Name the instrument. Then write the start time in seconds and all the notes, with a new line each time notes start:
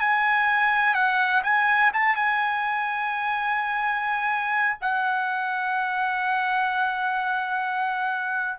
trumpet
0.00 G#5
0.94 F#5
1.44 G#5
1.93 A5
2.16 G#5
4.81 F#5